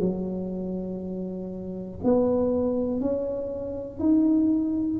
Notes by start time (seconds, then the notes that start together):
0.00 F#3
2.04 B3
3.00 C#4
4.00 D#4